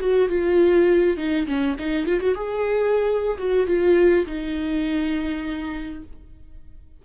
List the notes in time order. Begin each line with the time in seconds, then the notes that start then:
0.00 F#4
0.29 F4
1.17 D#4
1.47 C#4
1.79 D#4
2.06 F4
2.20 F#4
2.35 G#4
3.38 F#4
3.67 F4
4.26 D#4